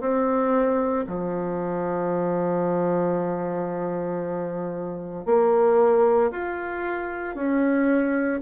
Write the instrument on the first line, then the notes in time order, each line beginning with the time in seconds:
bassoon
0.00 C4
1.07 F3
5.25 A#3
6.31 F4
7.35 C#4